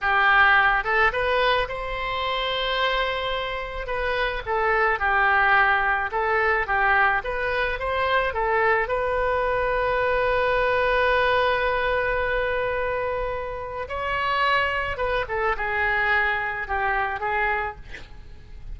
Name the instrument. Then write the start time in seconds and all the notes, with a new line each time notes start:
oboe
0.01 G4
0.84 A4
1.12 B4
1.68 C5
3.86 B4
4.45 A4
4.99 G4
6.11 A4
6.66 G4
7.24 B4
7.79 C5
8.33 A4
8.88 B4
13.88 C#5
14.97 B4
15.28 A4
15.57 G#4
16.67 G4
17.20 G#4